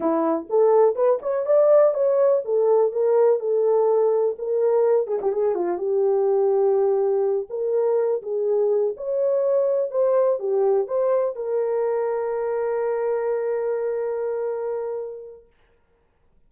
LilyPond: \new Staff \with { instrumentName = "horn" } { \time 4/4 \tempo 4 = 124 e'4 a'4 b'8 cis''8 d''4 | cis''4 a'4 ais'4 a'4~ | a'4 ais'4. gis'16 g'16 gis'8 f'8 | g'2.~ g'8 ais'8~ |
ais'4 gis'4. cis''4.~ | cis''8 c''4 g'4 c''4 ais'8~ | ais'1~ | ais'1 | }